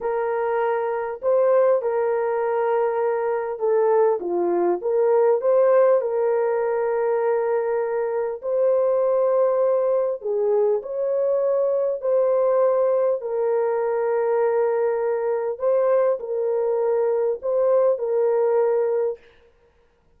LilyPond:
\new Staff \with { instrumentName = "horn" } { \time 4/4 \tempo 4 = 100 ais'2 c''4 ais'4~ | ais'2 a'4 f'4 | ais'4 c''4 ais'2~ | ais'2 c''2~ |
c''4 gis'4 cis''2 | c''2 ais'2~ | ais'2 c''4 ais'4~ | ais'4 c''4 ais'2 | }